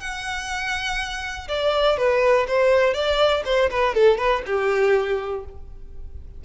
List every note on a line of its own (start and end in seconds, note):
0.00 1.48 F#5
1.48 1.97 D5
1.97 2.46 B4
2.47 2.94 C5
2.94 3.43 D5
3.45 3.70 C5
3.70 3.94 B4
3.94 4.18 A4
4.18 4.42 B4
4.46 5.44 G4